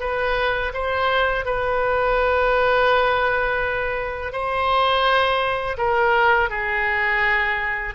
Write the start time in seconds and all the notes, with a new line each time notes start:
0.00 B4
0.74 C5
1.45 B4
4.32 C5
5.77 A#4
6.50 G#4